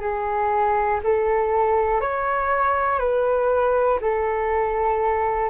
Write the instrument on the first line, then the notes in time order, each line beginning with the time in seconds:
flute
0.00 G#4
1.03 A4
2.00 C#5
2.99 B4
4.00 A4